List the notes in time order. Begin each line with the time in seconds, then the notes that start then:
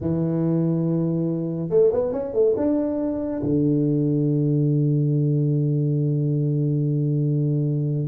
0.01 E3
1.69 A3
1.92 B3
2.12 C#4
2.33 A3
2.56 D4
3.42 D3